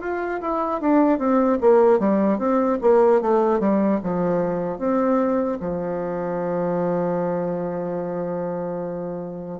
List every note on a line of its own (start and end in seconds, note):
0.00 0.40 F4
0.40 0.80 E4
0.80 1.18 D4
1.18 1.58 C4
1.60 1.99 A#3
1.99 2.38 G3
2.38 2.78 C4
2.81 3.21 A#3
3.21 3.59 A3
3.59 3.99 G3
4.03 4.78 F3
4.78 5.58 C4
5.60 9.60 F3